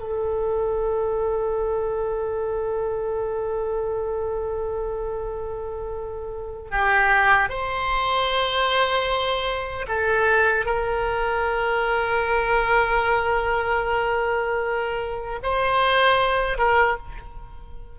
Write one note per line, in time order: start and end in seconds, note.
0.00 6.71 A4
6.71 7.50 G4
7.50 9.86 C5
9.88 10.66 A4
10.66 15.40 A#4
15.43 16.58 C5
16.58 16.98 A#4